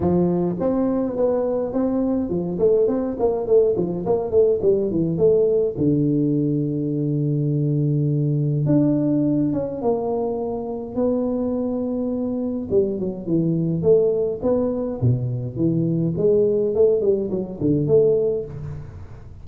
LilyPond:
\new Staff \with { instrumentName = "tuba" } { \time 4/4 \tempo 4 = 104 f4 c'4 b4 c'4 | f8 a8 c'8 ais8 a8 f8 ais8 a8 | g8 e8 a4 d2~ | d2. d'4~ |
d'8 cis'8 ais2 b4~ | b2 g8 fis8 e4 | a4 b4 b,4 e4 | gis4 a8 g8 fis8 d8 a4 | }